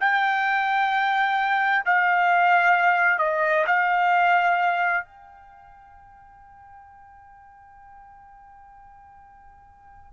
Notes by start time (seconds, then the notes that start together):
0.00 G5
1.85 F5
3.18 D#5
3.66 F5
5.05 G5